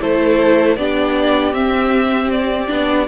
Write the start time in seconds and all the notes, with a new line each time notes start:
0.00 A3 E4 A4 C5
0.76 B3 D4 G4 D5
1.53 C4 E5
2.31 D5
2.67 B3 D4